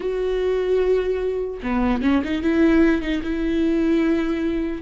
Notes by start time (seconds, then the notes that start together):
0.00 F#4
1.62 B3
2.02 C#4
2.24 D#4
2.42 E4
3.01 D#4
3.22 E4